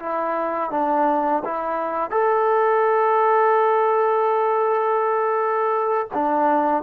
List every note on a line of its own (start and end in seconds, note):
0.00 0.71 E4
0.71 1.44 D4
1.45 2.11 E4
2.11 6.09 A4
6.14 6.83 D4